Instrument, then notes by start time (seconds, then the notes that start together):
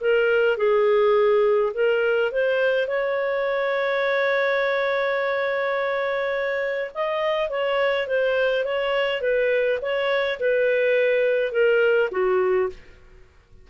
clarinet
0.00 A#4
0.57 G#4
1.73 A#4
2.31 C5
2.87 C#5
6.94 D#5
7.49 C#5
8.07 C5
8.64 C#5
9.21 B4
9.81 C#5
10.39 B4
11.52 A#4
12.11 F#4